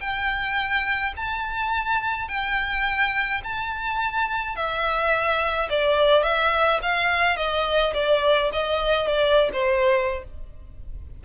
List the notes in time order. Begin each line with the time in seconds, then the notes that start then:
0.00 G5
1.16 A5
2.28 G5
3.44 A5
4.56 E5
5.70 D5
6.23 E5
6.82 F5
7.36 D#5
7.93 D5
8.52 D#5
9.07 D5
9.52 C5